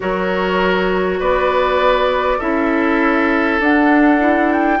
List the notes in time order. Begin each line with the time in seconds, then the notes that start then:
0.00 F#3 F#4 A#4 C#5
1.19 B3 B4 D5
2.38 C#4 E4 A4 E5
3.59 D4 F#5
4.19 E4
4.52 G5